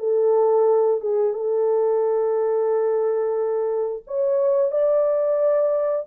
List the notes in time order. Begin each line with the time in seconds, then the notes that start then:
0.00 A4
1.01 G#4
1.34 A4
4.07 C#5
4.72 D5